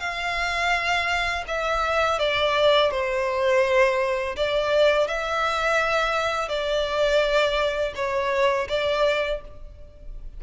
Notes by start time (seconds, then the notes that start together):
0.00 F5
1.48 E5
2.19 D5
2.91 C5
4.37 D5
5.08 E5
6.49 D5
7.96 C#5
8.69 D5